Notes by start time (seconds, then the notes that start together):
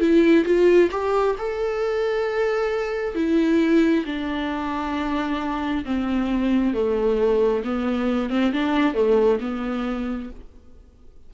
0.00 E4
0.45 F4
0.91 G4
1.38 A4
3.15 E4
4.05 D4
5.85 C4
6.74 A3
7.64 B3
8.30 C4
8.52 D4
8.94 A3
9.40 B3